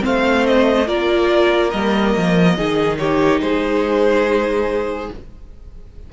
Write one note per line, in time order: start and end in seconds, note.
0.00 0.88 A3
0.00 0.85 C4
0.00 0.87 C5
0.00 0.46 F5
0.46 0.88 D#5
0.86 1.73 A#3
0.86 1.71 F4
0.86 2.56 A#4
0.86 1.70 D5
1.70 2.15 G3
1.70 2.58 A#3
1.70 2.97 D#5
2.16 2.58 F3
2.56 3.40 D#3
2.56 5.11 D#4
2.56 2.98 G#4
2.98 3.42 G4
2.98 3.40 C#5
3.40 5.09 G#3
3.40 5.13 G#4
3.40 5.10 C5